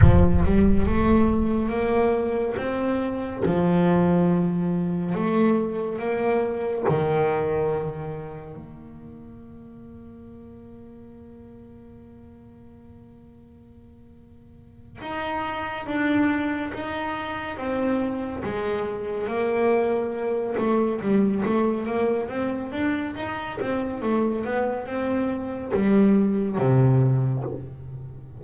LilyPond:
\new Staff \with { instrumentName = "double bass" } { \time 4/4 \tempo 4 = 70 f8 g8 a4 ais4 c'4 | f2 a4 ais4 | dis2 ais2~ | ais1~ |
ais4. dis'4 d'4 dis'8~ | dis'8 c'4 gis4 ais4. | a8 g8 a8 ais8 c'8 d'8 dis'8 c'8 | a8 b8 c'4 g4 c4 | }